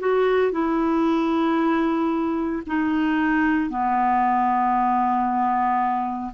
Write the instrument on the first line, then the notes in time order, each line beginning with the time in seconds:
clarinet
0.00 F#4
0.52 E4
2.67 D#4
3.69 B3